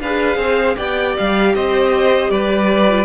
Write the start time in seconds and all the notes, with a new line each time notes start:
0.00 D4 G#4 B4 F5
0.37 C4 C5
0.76 B3 G4 D5 G5
1.17 G3 F5
1.55 C4 C5 D#5
2.30 G3 B4 D5
2.88 F4